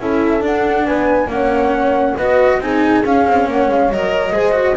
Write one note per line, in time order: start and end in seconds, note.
0.00 0.43 C#4
0.00 0.40 E4
0.00 0.87 A4
0.00 0.44 E5
0.40 1.27 D4
0.40 0.87 D4
0.40 0.87 F#5
0.87 1.27 B3
0.87 1.30 B4
0.87 1.30 G#5
1.27 2.14 A#3
1.27 2.18 C#4
1.27 2.17 F#5
1.34 2.17 C#5
2.17 2.59 B3
2.17 2.61 F#4
2.17 2.60 B4
2.17 2.61 D#5
2.59 3.02 C4
2.59 3.05 D#4
2.59 3.49 G#4
2.59 3.05 G#5
3.04 3.26 C#4
3.04 3.92 C#4
3.04 3.49 F5
3.27 3.48 C4
3.48 3.69 A#3
3.48 4.34 C#5
3.48 3.71 F#5
3.69 3.90 G#3
3.69 3.92 F5
3.90 4.32 F#3
3.90 4.33 A#4
3.90 4.77 D#5
4.32 4.76 G#3
4.32 4.52 G#4
4.32 4.77 C5
4.52 4.74 F#4